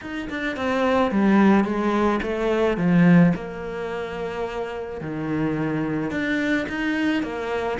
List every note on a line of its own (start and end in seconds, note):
0.01 0.29 D#4
0.29 0.56 D4
0.56 1.11 C4
1.11 1.64 G3
1.64 2.20 G#3
2.22 2.77 A3
2.77 3.33 F3
3.35 5.01 A#3
5.01 6.11 D#3
6.11 6.66 D4
6.68 7.22 D#4
7.22 7.78 A#3